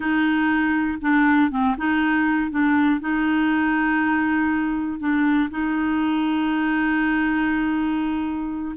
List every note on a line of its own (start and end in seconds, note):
0.00 0.98 D#4
1.01 1.50 D4
1.50 1.75 C4
1.77 2.50 D#4
2.50 3.00 D4
3.00 4.99 D#4
4.99 5.49 D4
5.50 8.75 D#4